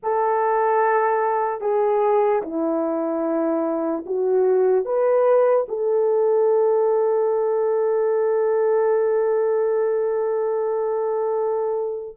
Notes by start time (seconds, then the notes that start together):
0.02 A4
1.60 G#4
2.42 E4
4.06 F#4
4.85 B4
5.68 A4